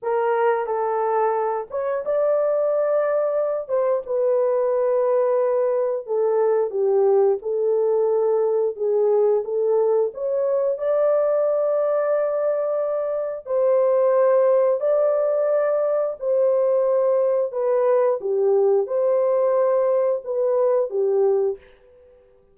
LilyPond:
\new Staff \with { instrumentName = "horn" } { \time 4/4 \tempo 4 = 89 ais'4 a'4. cis''8 d''4~ | d''4. c''8 b'2~ | b'4 a'4 g'4 a'4~ | a'4 gis'4 a'4 cis''4 |
d''1 | c''2 d''2 | c''2 b'4 g'4 | c''2 b'4 g'4 | }